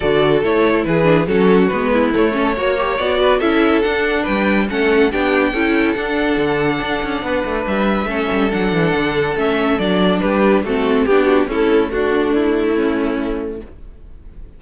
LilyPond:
<<
  \new Staff \with { instrumentName = "violin" } { \time 4/4 \tempo 4 = 141 d''4 cis''4 b'4 a'4 | b'4 cis''2 d''4 | e''4 fis''4 g''4 fis''4 | g''2 fis''2~ |
fis''2 e''2 | fis''2 e''4 d''4 | b'4 a'4 g'4 a'4 | fis'4 e'2. | }
  \new Staff \with { instrumentName = "violin" } { \time 4/4 a'2 gis'4 fis'4~ | fis'8 e'4 a'8 cis''4. b'8 | a'2 b'4 a'4 | g'4 a'2.~ |
a'4 b'2 a'4~ | a'1 | g'4 fis'4 g'8 fis'8 e'4 | d'2 cis'2 | }
  \new Staff \with { instrumentName = "viola" } { \time 4/4 fis'4 e'4. d'8 cis'4 | b4 a8 cis'8 fis'8 g'8 fis'4 | e'4 d'2 cis'4 | d'4 e'4 d'2~ |
d'2. cis'4 | d'2 cis'4 d'4~ | d'4 c'4 d'4 a4~ | a1 | }
  \new Staff \with { instrumentName = "cello" } { \time 4/4 d4 a4 e4 fis4 | gis4 a4 ais4 b4 | cis'4 d'4 g4 a4 | b4 cis'4 d'4 d4 |
d'8 cis'8 b8 a8 g4 a8 g8 | fis8 e8 d4 a4 fis4 | g4 a4 b4 cis'4 | d'4 a2. | }
>>